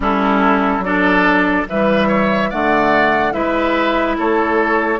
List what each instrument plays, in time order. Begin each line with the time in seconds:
0.00 bassoon G3, clarinet C#4, oboe E4, flute A4
0.78 bassoon F#3, clarinet D4, oboe A4, flute D5
1.68 bassoon E3, clarinet G3, oboe B4, flute E5
2.07 oboe C#5
2.49 bassoon D3, clarinet A3, oboe D5, flute F#5
3.32 bassoon G#3, clarinet E4, oboe B4, flute E5
4.18 bassoon A3, oboe A4, flute C#5